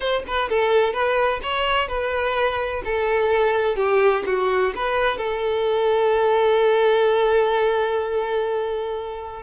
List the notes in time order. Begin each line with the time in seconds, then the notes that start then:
0.00 C5
0.27 B4
0.49 A4
0.93 B4
1.42 C#5
1.88 B4
2.85 A4
3.76 G4
4.26 F#4
4.75 B4
5.17 A4